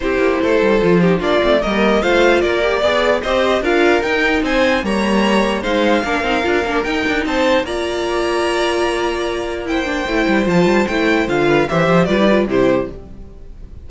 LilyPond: <<
  \new Staff \with { instrumentName = "violin" } { \time 4/4 \tempo 4 = 149 c''2. d''4 | dis''4 f''4 d''2 | dis''4 f''4 g''4 gis''4 | ais''2 f''2~ |
f''4 g''4 a''4 ais''4~ | ais''1 | g''2 a''4 g''4 | f''4 e''4 d''4 c''4 | }
  \new Staff \with { instrumentName = "violin" } { \time 4/4 g'4 a'4. g'8 f'4 | ais'4 c''4 ais'4 d''4 | c''4 ais'2 c''4 | cis''2 c''4 ais'4~ |
ais'2 c''4 d''4~ | d''1 | c''1~ | c''8 b'8 c''4 b'4 g'4 | }
  \new Staff \with { instrumentName = "viola" } { \time 4/4 e'2 f'8 dis'8 d'8 c'8 | ais4 f'4. g'8 gis'4 | g'4 f'4 dis'2 | ais2 dis'4 d'8 dis'8 |
f'8 d'8 dis'2 f'4~ | f'1 | e'8 d'8 e'4 f'4 e'4 | f'4 g'4 f'16 e'16 f'8 e'4 | }
  \new Staff \with { instrumentName = "cello" } { \time 4/4 c'8 ais8 a8 g8 f4 ais8 a8 | g4 a4 ais4 b4 | c'4 d'4 dis'4 c'4 | g2 gis4 ais8 c'8 |
d'8 ais8 dis'8 d'8 c'4 ais4~ | ais1~ | ais4 a8 g8 f8 g8 a4 | d4 e8 f8 g4 c4 | }
>>